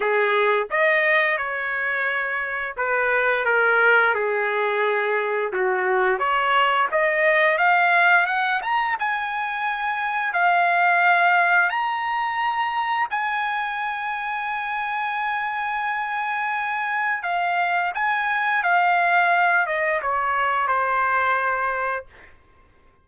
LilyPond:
\new Staff \with { instrumentName = "trumpet" } { \time 4/4 \tempo 4 = 87 gis'4 dis''4 cis''2 | b'4 ais'4 gis'2 | fis'4 cis''4 dis''4 f''4 | fis''8 ais''8 gis''2 f''4~ |
f''4 ais''2 gis''4~ | gis''1~ | gis''4 f''4 gis''4 f''4~ | f''8 dis''8 cis''4 c''2 | }